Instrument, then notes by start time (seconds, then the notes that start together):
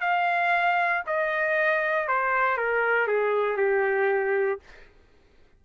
trumpet
0.00 F5
1.06 D#5
2.07 C5
2.57 A#4
3.07 G#4
3.57 G4